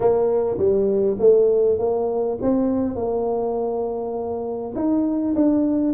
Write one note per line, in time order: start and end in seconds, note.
0.00 0.57 A#3
0.58 1.17 G3
1.19 1.78 A3
1.78 2.38 A#3
2.41 2.95 C4
2.95 4.73 A#3
4.75 5.34 D#4
5.35 5.93 D4